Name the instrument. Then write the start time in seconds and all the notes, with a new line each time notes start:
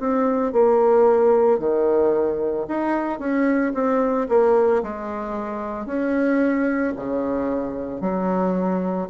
bassoon
0.00 C4
0.53 A#3
1.59 D#3
2.68 D#4
3.19 C#4
3.75 C4
4.29 A#3
4.83 G#3
5.86 C#4
6.97 C#3
8.01 F#3